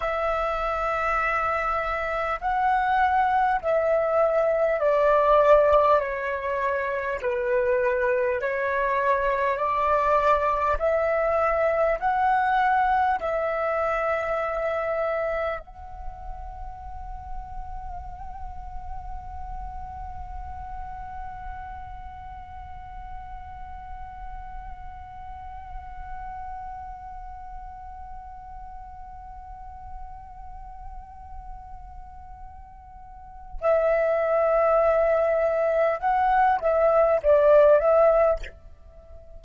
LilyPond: \new Staff \with { instrumentName = "flute" } { \time 4/4 \tempo 4 = 50 e''2 fis''4 e''4 | d''4 cis''4 b'4 cis''4 | d''4 e''4 fis''4 e''4~ | e''4 fis''2.~ |
fis''1~ | fis''1~ | fis''1 | e''2 fis''8 e''8 d''8 e''8 | }